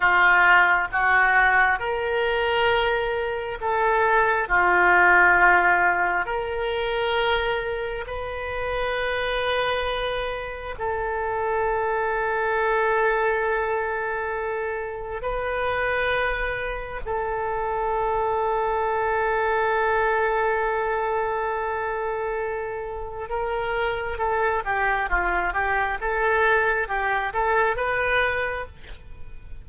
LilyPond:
\new Staff \with { instrumentName = "oboe" } { \time 4/4 \tempo 4 = 67 f'4 fis'4 ais'2 | a'4 f'2 ais'4~ | ais'4 b'2. | a'1~ |
a'4 b'2 a'4~ | a'1~ | a'2 ais'4 a'8 g'8 | f'8 g'8 a'4 g'8 a'8 b'4 | }